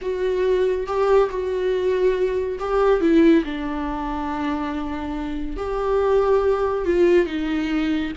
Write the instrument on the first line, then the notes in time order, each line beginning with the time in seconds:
viola
0.01 F#4
0.86 G4
1.30 F#4
2.59 G4
3.00 E4
3.44 D4
5.57 G4
6.85 F4
7.26 D#4